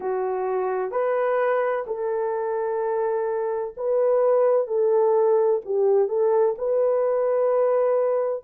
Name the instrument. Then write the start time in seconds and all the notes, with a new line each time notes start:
horn
0.00 F#4
0.91 B4
1.86 A4
3.76 B4
4.67 A4
5.65 G4
6.08 A4
6.58 B4